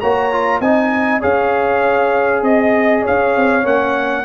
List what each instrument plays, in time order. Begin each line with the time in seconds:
0.00 tuba A#3, trombone F#4, horn C#5, trumpet A#5
0.32 trombone F4
0.60 tuba C4, trombone D#4, horn D#5, trumpet G#5
1.20 tuba C#4, trombone G#4, horn C#5, trumpet F5
2.43 tuba C4, trumpet D#5, horn D#5
3.02 tuba C#4, horn C#5, trumpet F5
3.36 tuba C4
3.64 tuba A#3, trombone C#4, trumpet F#5